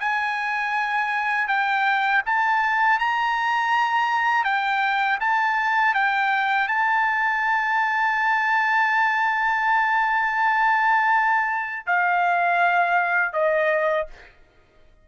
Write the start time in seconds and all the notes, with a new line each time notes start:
0.00 G#5
1.48 G5
2.26 A5
2.99 A#5
4.45 G5
5.21 A5
5.94 G5
6.68 A5
11.87 F5
13.33 D#5